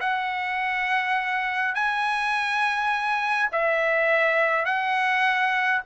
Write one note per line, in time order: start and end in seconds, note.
0.00 1.75 F#5
1.75 3.50 G#5
3.52 4.65 E5
4.65 5.81 F#5